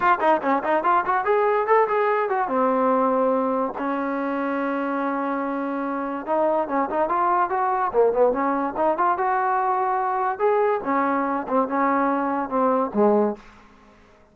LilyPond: \new Staff \with { instrumentName = "trombone" } { \time 4/4 \tempo 4 = 144 f'8 dis'8 cis'8 dis'8 f'8 fis'8 gis'4 | a'8 gis'4 fis'8 c'2~ | c'4 cis'2.~ | cis'2. dis'4 |
cis'8 dis'8 f'4 fis'4 ais8 b8 | cis'4 dis'8 f'8 fis'2~ | fis'4 gis'4 cis'4. c'8 | cis'2 c'4 gis4 | }